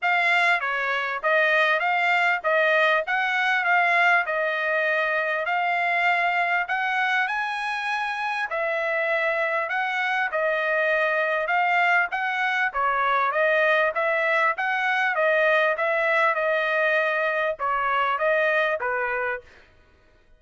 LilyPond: \new Staff \with { instrumentName = "trumpet" } { \time 4/4 \tempo 4 = 99 f''4 cis''4 dis''4 f''4 | dis''4 fis''4 f''4 dis''4~ | dis''4 f''2 fis''4 | gis''2 e''2 |
fis''4 dis''2 f''4 | fis''4 cis''4 dis''4 e''4 | fis''4 dis''4 e''4 dis''4~ | dis''4 cis''4 dis''4 b'4 | }